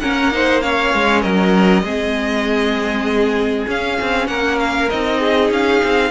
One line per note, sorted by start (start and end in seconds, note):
0.00 0.94 A#3
0.00 0.32 C#4
0.00 0.33 A#4
0.00 0.61 F#5
0.32 0.62 D#4
0.32 0.64 C5
0.62 1.84 C#4
0.62 1.22 C#5
0.62 1.22 F5
0.94 1.25 G#3
1.22 1.83 F#3
1.22 1.84 A#4
1.22 3.67 D#5
1.83 3.66 G#3
1.83 3.68 C4
1.83 4.29 G#4
3.68 3.98 C#4
3.68 4.90 C#4
3.68 4.28 F5
4.01 4.28 C4
4.28 4.89 A#3
4.28 5.20 A#4
4.28 4.58 F#5
4.60 4.90 F5
4.90 5.51 C4
4.90 6.11 D#4
4.90 5.51 D#5
5.20 6.11 G#4
5.51 5.82 C#4
5.51 6.11 F5
5.84 6.11 C4